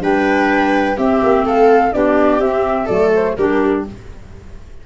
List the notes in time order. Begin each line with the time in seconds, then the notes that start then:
0.00 G3 D4 B4 G5
0.97 C4 G4 E5
1.23 A#3
1.43 A3 A4 F5
1.93 B3 D4 G4 D5
2.40 C4 E5
2.86 F#3 A3 A4 D5
3.15 C5
3.36 G3 D4 G4 A#4